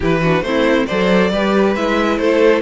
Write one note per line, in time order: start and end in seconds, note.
0.00 0.41 E3
0.00 0.22 E4
0.00 0.21 G4
0.00 0.42 B4
0.21 0.44 D4
0.21 0.43 F#4
0.41 0.85 A3
0.41 0.88 C4
0.41 0.86 C5
0.47 0.86 E4
0.86 1.31 F#3
0.86 1.32 A4
0.86 1.30 C5
0.86 1.74 D5
1.31 1.75 G3
1.31 1.76 G4
1.31 2.19 B4
1.75 2.18 G#3
1.75 2.61 E4
1.75 2.17 E5
2.17 2.61 A3
2.17 2.61 A4
2.17 2.61 C5